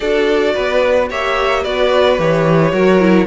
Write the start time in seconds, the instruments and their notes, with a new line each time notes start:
0.00 cello D4, viola F#4, violin A4 D5
0.54 cello B3, violin B4
1.10 cello A#3, viola G4, violin C#5 E5
1.62 cello B3, viola F#4, violin B4 D5
2.18 cello E3, viola G4, violin C#5
2.72 cello F#3, viola F#4, violin A#4
2.99 viola E4